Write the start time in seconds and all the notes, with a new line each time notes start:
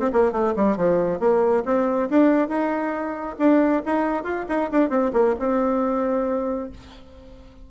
0.00 C4
0.13 A#3
0.32 A3
0.56 G3
0.77 F3
1.20 A#3
1.65 C4
2.10 D4
2.48 D#4
3.39 D4
3.86 D#4
4.24 F4
4.49 D#4
4.72 D4
4.90 C4
5.13 A#3
5.39 C4